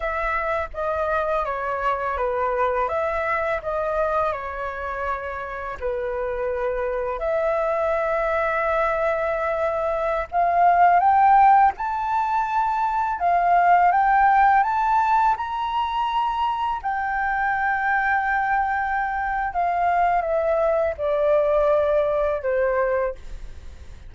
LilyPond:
\new Staff \with { instrumentName = "flute" } { \time 4/4 \tempo 4 = 83 e''4 dis''4 cis''4 b'4 | e''4 dis''4 cis''2 | b'2 e''2~ | e''2~ e''16 f''4 g''8.~ |
g''16 a''2 f''4 g''8.~ | g''16 a''4 ais''2 g''8.~ | g''2. f''4 | e''4 d''2 c''4 | }